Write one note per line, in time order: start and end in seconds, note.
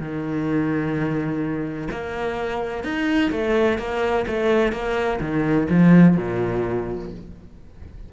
0.00 1.89 D#3
1.91 2.84 A#3
2.84 3.32 D#4
3.32 3.79 A3
3.79 4.26 A#3
4.28 4.73 A3
4.73 5.20 A#3
5.21 5.68 D#3
5.70 6.17 F3
6.17 7.12 A#2